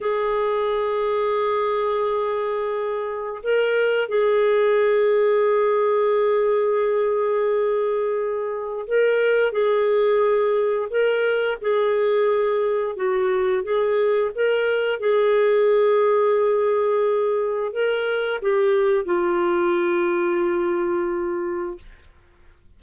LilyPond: \new Staff \with { instrumentName = "clarinet" } { \time 4/4 \tempo 4 = 88 gis'1~ | gis'4 ais'4 gis'2~ | gis'1~ | gis'4 ais'4 gis'2 |
ais'4 gis'2 fis'4 | gis'4 ais'4 gis'2~ | gis'2 ais'4 g'4 | f'1 | }